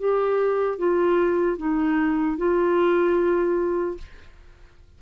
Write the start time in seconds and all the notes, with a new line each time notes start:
0.00 G4
0.79 F4
1.58 D#4
2.38 F4